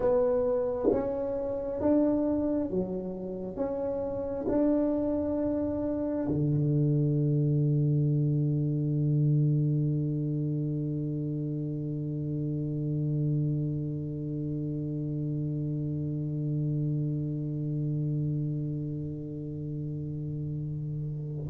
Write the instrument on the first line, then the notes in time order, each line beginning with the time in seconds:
tuba
0.00 B3
0.91 C#4
1.81 D4
2.70 F#3
3.56 C#4
4.48 D4
6.27 D3